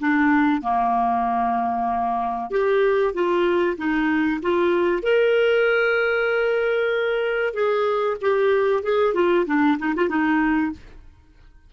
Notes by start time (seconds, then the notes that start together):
0.00 D4
0.62 A#3
2.51 G4
3.14 F4
3.78 D#4
4.42 F4
5.03 A#4
7.54 G#4
8.22 G4
8.83 G#4
9.14 F4
9.47 D4
9.79 D#4
9.96 F4
10.09 D#4